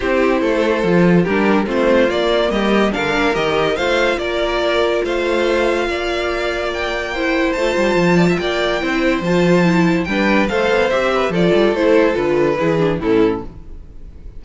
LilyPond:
<<
  \new Staff \with { instrumentName = "violin" } { \time 4/4 \tempo 4 = 143 c''2. ais'4 | c''4 d''4 dis''4 f''4 | dis''4 f''4 d''2 | f''1 |
g''2 a''2 | g''2 a''2 | g''4 f''4 e''4 d''4 | c''4 b'2 a'4 | }
  \new Staff \with { instrumentName = "violin" } { \time 4/4 g'4 a'2 g'4 | f'2 g'4 ais'4~ | ais'4 c''4 ais'2 | c''2 d''2~ |
d''4 c''2~ c''8 d''16 e''16 | d''4 c''2. | b'4 c''4. b'8 a'4~ | a'2 gis'4 e'4 | }
  \new Staff \with { instrumentName = "viola" } { \time 4/4 e'2 f'4 d'4 | c'4 ais2 d'4 | g'4 f'2.~ | f'1~ |
f'4 e'4 f'2~ | f'4 e'4 f'4 e'4 | d'4 a'4 g'4 f'4 | e'4 f'4 e'8 d'8 cis'4 | }
  \new Staff \with { instrumentName = "cello" } { \time 4/4 c'4 a4 f4 g4 | a4 ais4 g4 d8 ais8 | dis4 a4 ais2 | a2 ais2~ |
ais2 a8 g8 f4 | ais4 c'4 f2 | g4 a8 b8 c'4 f8 g8 | a4 d4 e4 a,4 | }
>>